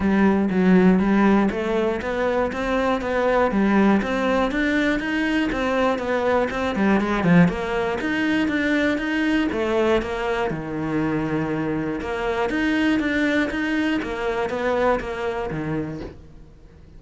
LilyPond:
\new Staff \with { instrumentName = "cello" } { \time 4/4 \tempo 4 = 120 g4 fis4 g4 a4 | b4 c'4 b4 g4 | c'4 d'4 dis'4 c'4 | b4 c'8 g8 gis8 f8 ais4 |
dis'4 d'4 dis'4 a4 | ais4 dis2. | ais4 dis'4 d'4 dis'4 | ais4 b4 ais4 dis4 | }